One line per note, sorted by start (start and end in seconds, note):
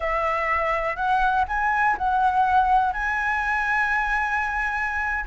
0.00 0.96 E5
0.96 1.45 F#5
1.48 1.96 G#5
1.97 2.93 F#5
2.93 5.25 G#5